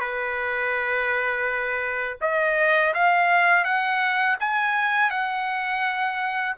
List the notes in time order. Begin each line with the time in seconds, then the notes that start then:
0.00 B4
2.21 D#5
2.94 F5
3.64 F#5
4.40 G#5
5.10 F#5